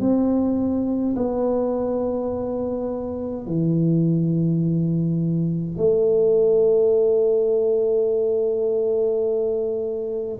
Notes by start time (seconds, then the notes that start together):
0.00 C4
1.16 B3
3.46 E3
5.77 A3